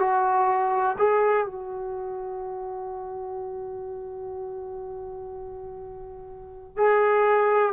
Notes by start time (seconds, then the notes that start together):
0.00 F#4
0.99 G#4
1.46 F#4
6.77 G#4